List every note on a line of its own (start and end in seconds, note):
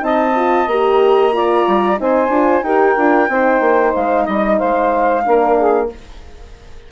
0.00 0.66 C4
0.00 0.33 D#4
0.00 1.35 D#5
0.00 0.67 A5
0.35 0.68 F4
0.66 1.64 A#3
0.66 1.32 G4
0.66 1.98 A#5
1.32 1.97 F4
1.32 2.00 D5
1.67 1.99 G3
1.97 2.28 C4
1.97 2.29 D#4
1.97 2.64 C5
1.97 2.63 G#5
2.28 2.61 D4
2.28 2.64 F4
2.62 2.95 D#4
2.62 2.97 G4
2.62 3.29 A#4
2.62 3.93 G5
2.97 3.28 D4
2.97 3.29 F4
3.28 3.60 C4
3.28 5.24 D#4
3.28 4.24 C5
3.60 3.93 A#3
3.95 4.27 G#3
3.95 4.27 F5
4.24 4.60 G3
4.24 4.57 D#5
4.31 4.58 D#5
4.58 5.26 G#3
4.58 5.23 C5
4.58 5.89 F5
5.24 5.91 A#3
5.24 5.90 D4
5.24 5.57 A#4
5.57 5.90 G#4